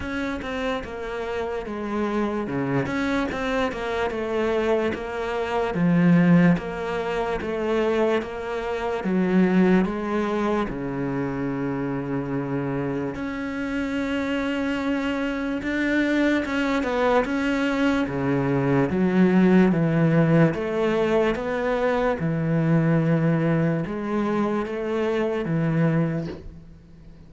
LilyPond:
\new Staff \with { instrumentName = "cello" } { \time 4/4 \tempo 4 = 73 cis'8 c'8 ais4 gis4 cis8 cis'8 | c'8 ais8 a4 ais4 f4 | ais4 a4 ais4 fis4 | gis4 cis2. |
cis'2. d'4 | cis'8 b8 cis'4 cis4 fis4 | e4 a4 b4 e4~ | e4 gis4 a4 e4 | }